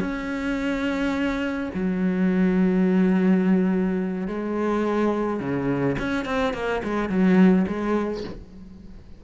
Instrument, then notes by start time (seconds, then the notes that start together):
cello
0.00 C#4
1.74 F#3
4.27 G#3
5.40 C#3
5.99 C#4
6.25 C4
6.54 A#3
6.84 G#3
7.09 F#3
7.67 G#3